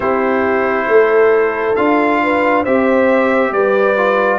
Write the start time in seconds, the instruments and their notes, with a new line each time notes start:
0.00 tuba C4, trombone E4, horn G4, trumpet C5
0.87 tuba A3, horn A4
1.75 tuba D4, trombone F4, trumpet F5
2.23 horn B4
2.62 tuba C4, trombone G4, horn C5, trumpet E5
3.51 tuba G3, horn B4, trumpet D5
3.97 trombone F4